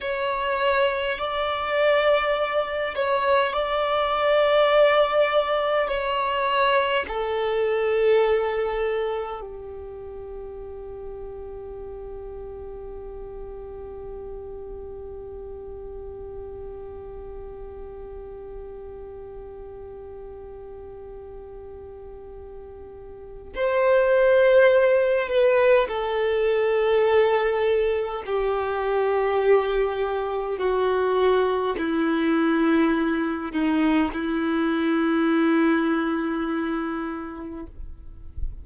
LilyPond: \new Staff \with { instrumentName = "violin" } { \time 4/4 \tempo 4 = 51 cis''4 d''4. cis''8 d''4~ | d''4 cis''4 a'2 | g'1~ | g'1~ |
g'1 | c''4. b'8 a'2 | g'2 fis'4 e'4~ | e'8 dis'8 e'2. | }